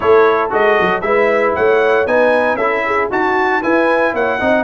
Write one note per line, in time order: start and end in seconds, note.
0.00 0.53 A3
0.00 0.50 E4
0.00 1.05 A4
0.00 0.50 C#5
0.50 0.78 G#3
0.50 1.01 F#4
0.50 1.01 D#5
0.79 1.01 F#3
1.01 1.53 G#3
1.01 2.06 E4
1.01 1.56 B4
1.01 1.52 E5
1.55 2.06 A3
1.55 2.08 C#5
1.55 2.06 F#5
2.06 2.55 B3
2.06 2.58 D#4
2.06 2.57 B4
2.06 2.56 G#5
2.55 3.06 C#4
2.55 3.10 E4
2.55 2.83 A4
2.55 3.08 E5
2.86 3.11 G#4
3.10 3.63 D#4
3.10 3.62 F#4
3.10 3.61 F#4
3.10 3.62 A5
3.61 4.40 E4
3.61 4.13 E4
3.61 4.13 B4
3.61 4.14 G#5
4.13 4.39 A#3
4.13 4.39 C#5
4.13 4.64 F#5
4.40 4.64 C4
4.40 4.64 D#4
4.40 4.64 D#5